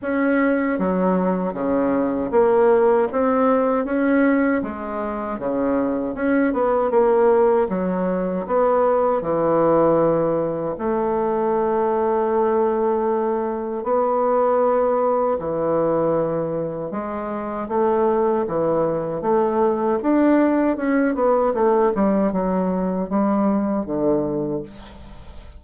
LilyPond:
\new Staff \with { instrumentName = "bassoon" } { \time 4/4 \tempo 4 = 78 cis'4 fis4 cis4 ais4 | c'4 cis'4 gis4 cis4 | cis'8 b8 ais4 fis4 b4 | e2 a2~ |
a2 b2 | e2 gis4 a4 | e4 a4 d'4 cis'8 b8 | a8 g8 fis4 g4 d4 | }